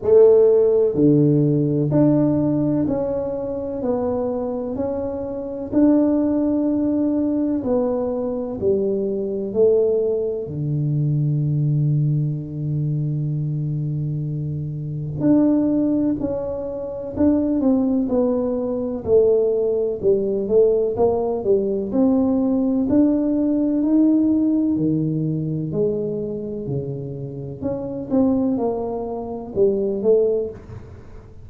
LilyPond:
\new Staff \with { instrumentName = "tuba" } { \time 4/4 \tempo 4 = 63 a4 d4 d'4 cis'4 | b4 cis'4 d'2 | b4 g4 a4 d4~ | d1 |
d'4 cis'4 d'8 c'8 b4 | a4 g8 a8 ais8 g8 c'4 | d'4 dis'4 dis4 gis4 | cis4 cis'8 c'8 ais4 g8 a8 | }